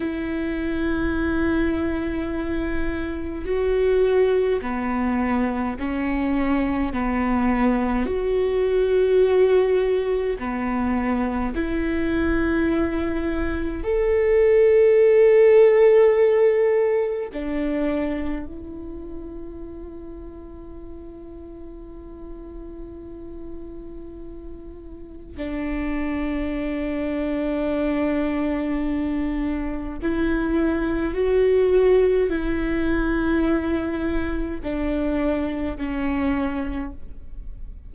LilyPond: \new Staff \with { instrumentName = "viola" } { \time 4/4 \tempo 4 = 52 e'2. fis'4 | b4 cis'4 b4 fis'4~ | fis'4 b4 e'2 | a'2. d'4 |
e'1~ | e'2 d'2~ | d'2 e'4 fis'4 | e'2 d'4 cis'4 | }